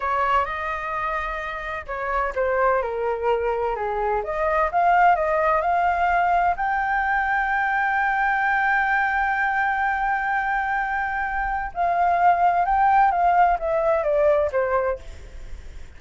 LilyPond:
\new Staff \with { instrumentName = "flute" } { \time 4/4 \tempo 4 = 128 cis''4 dis''2. | cis''4 c''4 ais'2 | gis'4 dis''4 f''4 dis''4 | f''2 g''2~ |
g''1~ | g''1~ | g''4 f''2 g''4 | f''4 e''4 d''4 c''4 | }